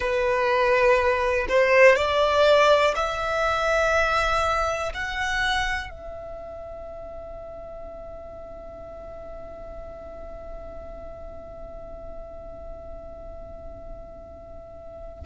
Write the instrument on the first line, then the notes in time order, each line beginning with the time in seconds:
violin
0.00 B4
1.48 C5
1.95 D5
2.95 E5
4.94 F#5
5.90 E5